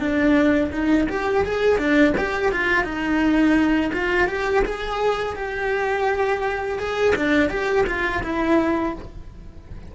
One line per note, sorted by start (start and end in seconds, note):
0.00 0.71 D4
0.72 1.08 D#4
1.09 1.45 G4
1.45 1.79 G#4
1.79 2.14 D4
2.18 2.52 G4
2.52 2.84 F4
2.84 3.92 D#4
3.94 4.28 F4
4.28 4.64 G4
4.65 5.36 G#4
5.36 6.79 G4
6.79 7.15 G#4
7.16 7.50 D4
7.50 7.85 G4
7.87 8.23 F4
8.23 8.95 E4